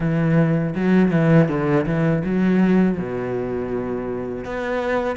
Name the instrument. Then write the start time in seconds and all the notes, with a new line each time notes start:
cello
0.00 E3
0.75 F#3
1.11 E3
1.48 D3
1.86 E3
2.24 F#3
2.98 B2
4.44 B3